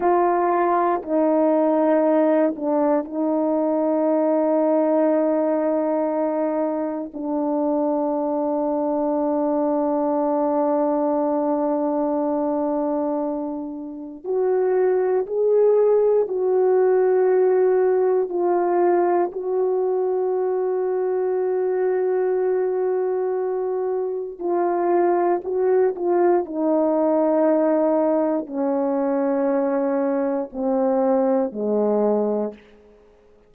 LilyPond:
\new Staff \with { instrumentName = "horn" } { \time 4/4 \tempo 4 = 59 f'4 dis'4. d'8 dis'4~ | dis'2. d'4~ | d'1~ | d'2 fis'4 gis'4 |
fis'2 f'4 fis'4~ | fis'1 | f'4 fis'8 f'8 dis'2 | cis'2 c'4 gis4 | }